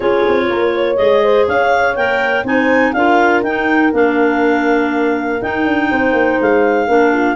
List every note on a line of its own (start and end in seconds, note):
0.00 0.24 C#4
0.00 0.96 F4
0.00 0.45 G#4
0.00 0.96 C#5
0.27 0.49 C4
0.48 0.98 A#3
0.48 0.73 A#4
0.74 1.23 C#5
0.96 1.47 G#3
0.96 1.94 G#4
0.96 1.45 D#5
1.23 1.47 C5
1.47 1.96 C#4
1.47 2.45 C#5
1.47 1.95 F5
1.95 2.43 A#3
1.95 2.45 A#4
1.95 2.44 G5
2.43 2.92 C4
2.43 2.94 D#4
2.43 2.95 C5
2.43 2.92 G#5
2.92 3.43 D4
2.92 3.45 F4
2.92 5.90 A#4
2.92 3.41 F5
3.43 3.92 D#4
3.43 3.92 G5
3.92 5.40 A#3
3.92 5.40 D4
3.92 5.42 F5
5.41 6.88 D#4
5.41 5.65 D#4
5.41 6.40 G5
5.65 5.90 D4
5.90 6.12 C4
5.90 6.88 C5
6.12 6.36 A#3
6.40 6.87 G#3
6.40 7.35 F5
6.87 7.35 A#3
6.87 7.35 D4
6.87 7.13 A#4
7.13 7.35 F4